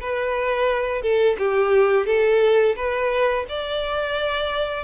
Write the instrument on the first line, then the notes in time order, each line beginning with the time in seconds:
violin
0.00 B4
1.02 A4
1.38 G4
2.06 A4
2.76 B4
3.49 D5